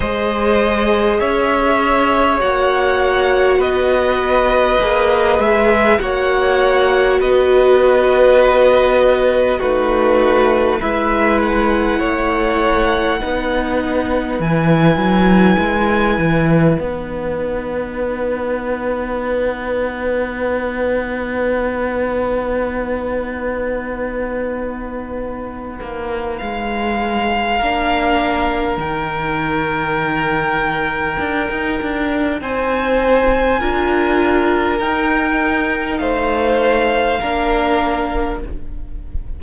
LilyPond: <<
  \new Staff \with { instrumentName = "violin" } { \time 4/4 \tempo 4 = 50 dis''4 e''4 fis''4 dis''4~ | dis''8 e''8 fis''4 dis''2 | b'4 e''8 fis''2~ fis''8 | gis''2 fis''2~ |
fis''1~ | fis''2 f''2 | g''2. gis''4~ | gis''4 g''4 f''2 | }
  \new Staff \with { instrumentName = "violin" } { \time 4/4 c''4 cis''2 b'4~ | b'4 cis''4 b'2 | fis'4 b'4 cis''4 b'4~ | b'1~ |
b'1~ | b'2. ais'4~ | ais'2. c''4 | ais'2 c''4 ais'4 | }
  \new Staff \with { instrumentName = "viola" } { \time 4/4 gis'2 fis'2 | gis'4 fis'2. | dis'4 e'2 dis'4 | e'2 dis'2~ |
dis'1~ | dis'2. d'4 | dis'1 | f'4 dis'2 d'4 | }
  \new Staff \with { instrumentName = "cello" } { \time 4/4 gis4 cis'4 ais4 b4 | ais8 gis8 ais4 b2 | a4 gis4 a4 b4 | e8 fis8 gis8 e8 b2~ |
b1~ | b4. ais8 gis4 ais4 | dis2 d'16 dis'16 d'8 c'4 | d'4 dis'4 a4 ais4 | }
>>